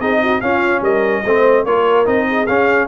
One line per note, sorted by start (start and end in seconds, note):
0.00 0.41 C4
0.00 0.42 D#4
0.00 0.21 G#4
0.00 0.41 D#5
0.23 0.44 F#4
0.41 0.82 C#4
0.41 1.24 C#4
0.41 0.83 F4
0.41 0.82 F5
0.82 1.23 G3
0.82 1.24 A#4
0.82 1.66 D#5
1.25 1.65 A3
1.25 1.67 C4
1.25 1.67 C5
1.65 2.07 A#3
1.65 2.06 F4
1.65 2.29 A#4
1.65 2.07 C#5
2.06 2.48 C4
2.06 2.47 D#4
2.06 2.47 D#5
2.30 2.88 G#4
2.47 2.88 C#4
2.47 2.88 F5